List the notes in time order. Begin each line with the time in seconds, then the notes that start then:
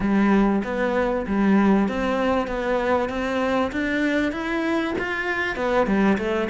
0.00 G3
0.64 B3
1.27 G3
1.88 C4
2.47 B3
3.09 C4
3.72 D4
4.32 E4
4.98 F4
5.56 B3
5.87 G3
6.17 A3